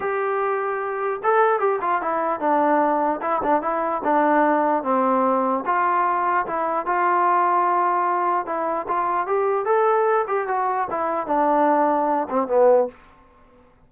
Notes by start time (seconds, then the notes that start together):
0.00 G4
1.23 A4
1.59 G4
1.81 F4
2.01 E4
2.39 D4
3.21 E4
3.43 D4
3.61 E4
4.03 D4
4.83 C4
5.65 F4
6.46 E4
6.86 F4
8.46 E4
8.87 F4
9.26 G4
9.65 A4
10.27 G4
10.47 F#4
10.90 E4
11.27 D4
12.29 C4
12.47 B3